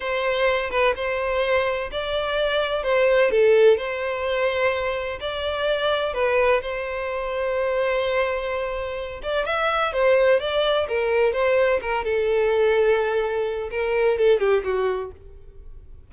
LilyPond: \new Staff \with { instrumentName = "violin" } { \time 4/4 \tempo 4 = 127 c''4. b'8 c''2 | d''2 c''4 a'4 | c''2. d''4~ | d''4 b'4 c''2~ |
c''2.~ c''8 d''8 | e''4 c''4 d''4 ais'4 | c''4 ais'8 a'2~ a'8~ | a'4 ais'4 a'8 g'8 fis'4 | }